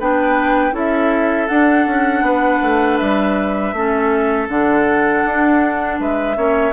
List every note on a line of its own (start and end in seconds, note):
0.00 0.73 B3
0.00 0.73 D4
0.00 0.75 B4
0.00 0.76 G5
0.73 1.48 C#4
0.73 1.48 E4
0.73 2.25 A4
0.73 1.48 E5
1.48 3.75 D4
1.48 1.87 D4
1.48 2.98 F#5
1.87 2.22 C#4
2.22 2.59 B3
2.22 3.75 B4
2.63 3.00 A3
2.98 3.73 G3
2.98 4.48 E5
3.73 4.48 A3
3.73 4.49 C#4
3.73 6.01 A4
4.49 5.24 D3
4.49 6.36 D4
4.49 6.00 F#5
5.26 6.00 D4
6.00 6.37 G#3
6.00 6.37 B4
6.00 6.73 E5
6.36 6.73 A#3
6.36 6.73 C#4
6.36 6.73 C#5